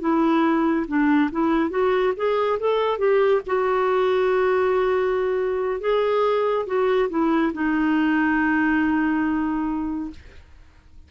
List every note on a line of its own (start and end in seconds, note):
0.00 0.86 E4
0.88 1.31 D4
1.31 1.70 E4
1.70 2.13 F#4
2.16 2.59 G#4
2.59 2.98 A4
2.98 3.41 G4
3.46 5.80 F#4
5.80 6.66 G#4
6.66 7.09 F#4
7.09 7.52 E4
7.53 10.10 D#4